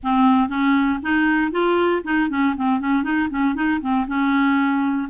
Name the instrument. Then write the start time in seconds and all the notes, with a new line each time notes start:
clarinet
0.03 C4
0.49 C#4
1.02 D#4
1.51 F4
2.04 D#4
2.29 C#4
2.56 C4
2.80 C#4
3.03 D#4
3.29 C#4
3.55 D#4
3.80 C4
4.07 C#4